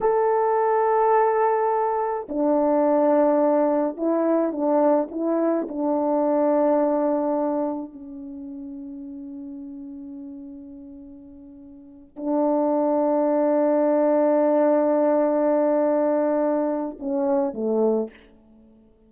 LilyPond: \new Staff \with { instrumentName = "horn" } { \time 4/4 \tempo 4 = 106 a'1 | d'2. e'4 | d'4 e'4 d'2~ | d'2 cis'2~ |
cis'1~ | cis'4. d'2~ d'8~ | d'1~ | d'2 cis'4 a4 | }